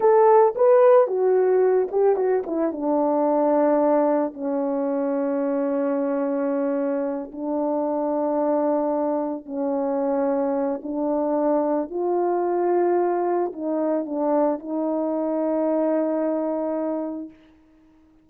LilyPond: \new Staff \with { instrumentName = "horn" } { \time 4/4 \tempo 4 = 111 a'4 b'4 fis'4. g'8 | fis'8 e'8 d'2. | cis'1~ | cis'4. d'2~ d'8~ |
d'4. cis'2~ cis'8 | d'2 f'2~ | f'4 dis'4 d'4 dis'4~ | dis'1 | }